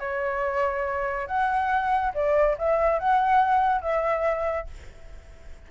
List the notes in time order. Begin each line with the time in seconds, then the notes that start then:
0.00 C#5
1.27 F#5
2.14 D5
2.59 E5
2.99 F#5
3.82 E5